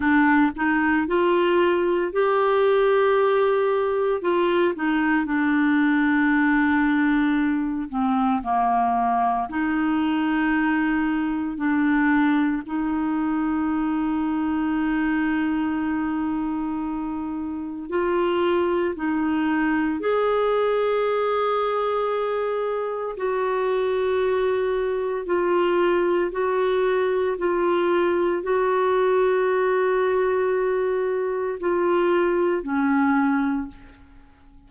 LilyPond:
\new Staff \with { instrumentName = "clarinet" } { \time 4/4 \tempo 4 = 57 d'8 dis'8 f'4 g'2 | f'8 dis'8 d'2~ d'8 c'8 | ais4 dis'2 d'4 | dis'1~ |
dis'4 f'4 dis'4 gis'4~ | gis'2 fis'2 | f'4 fis'4 f'4 fis'4~ | fis'2 f'4 cis'4 | }